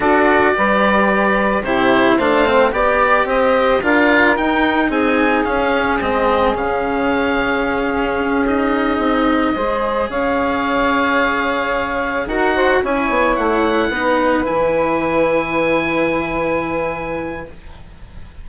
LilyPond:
<<
  \new Staff \with { instrumentName = "oboe" } { \time 4/4 \tempo 4 = 110 d''2. c''4 | f''4 d''4 dis''4 f''4 | g''4 gis''4 f''4 dis''4 | f''2.~ f''8 dis''8~ |
dis''2~ dis''8 f''4.~ | f''2~ f''8 fis''4 gis''8~ | gis''8 fis''2 gis''4.~ | gis''1 | }
  \new Staff \with { instrumentName = "saxophone" } { \time 4/4 a'4 b'2 g'4 | c''4 d''4 c''4 ais'4~ | ais'4 gis'2.~ | gis'1~ |
gis'4. c''4 cis''4.~ | cis''2~ cis''8 ais'8 c''8 cis''8~ | cis''4. b'2~ b'8~ | b'1 | }
  \new Staff \with { instrumentName = "cello" } { \time 4/4 fis'4 g'2 e'4 | d'8 c'8 g'2 f'4 | dis'2 cis'4 c'4 | cis'2.~ cis'8 dis'8~ |
dis'4. gis'2~ gis'8~ | gis'2~ gis'8 fis'4 e'8~ | e'4. dis'4 e'4.~ | e'1 | }
  \new Staff \with { instrumentName = "bassoon" } { \time 4/4 d'4 g2 c4 | a4 b4 c'4 d'4 | dis'4 c'4 cis'4 gis4 | cis2. cis'4~ |
cis'8 c'4 gis4 cis'4.~ | cis'2~ cis'8 dis'4 cis'8 | b8 a4 b4 e4.~ | e1 | }
>>